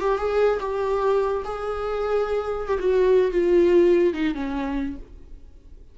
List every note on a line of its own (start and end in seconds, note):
0.00 0.18 G4
0.18 0.59 G#4
0.60 1.43 G4
1.44 2.68 G#4
2.68 2.78 G4
2.79 3.31 F#4
3.31 4.14 F4
4.14 4.34 D#4
4.34 4.96 C#4